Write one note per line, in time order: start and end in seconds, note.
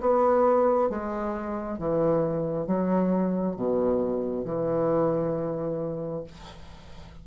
0.00 0.89 B3
0.89 1.78 G#3
1.78 2.66 E3
2.66 3.55 F#3
3.55 4.44 B2
4.44 6.23 E3